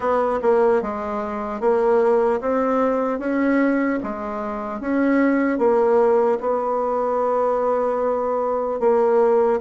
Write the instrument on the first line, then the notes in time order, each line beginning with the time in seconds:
bassoon
0.00 B3
0.41 A#3
0.81 G#3
1.60 A#3
2.40 C4
3.19 C#4
4.03 G#3
4.80 C#4
5.58 A#3
6.40 B3
8.80 A#3